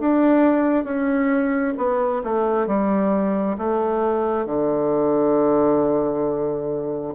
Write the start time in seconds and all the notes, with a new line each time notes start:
0.00 D4
0.84 C#4
1.77 B3
2.24 A3
2.67 G3
3.58 A3
4.46 D3